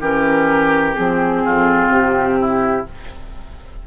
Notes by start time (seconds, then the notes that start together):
0.00 E3 C#4 G4 A#4
0.94 F3 C4 G#4
1.44 F2 F4
1.88 C3 G4
2.39 E4